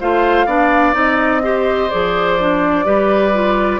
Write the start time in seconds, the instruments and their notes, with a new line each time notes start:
0.00 bassoon A3, clarinet F4, oboe C5, flute F5
0.46 bassoon B3, clarinet D4, oboe D5
0.93 bassoon C4, clarinet D#4, flute D#5
1.42 clarinet G4, oboe C5
1.90 bassoon F3, clarinet G#4, flute D5
2.40 clarinet D4
2.84 bassoon G3, clarinet G4, oboe B4
3.33 clarinet F4